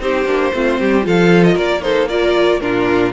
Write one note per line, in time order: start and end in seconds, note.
0.00 0.25 C4
0.00 0.26 D#4
0.00 0.55 G4
0.00 1.06 C5
0.25 0.51 A#3
0.25 0.52 D4
0.54 0.80 A3
0.54 1.02 C4
0.54 0.80 F4
0.80 1.06 G3
0.80 1.06 G4
1.02 1.56 F3
1.02 1.81 F4
1.02 1.55 A4
1.02 1.44 F5
1.44 1.57 D#5
1.55 2.60 A#3
1.55 1.81 A#4
1.55 1.82 D5
1.81 2.07 D#4
1.81 2.09 A4
1.81 2.09 C5
2.09 2.61 F4
2.09 2.61 A#4
2.09 2.60 D5
2.60 3.13 A#2
2.60 3.13 D4
2.60 3.13 F4
2.60 3.12 A#4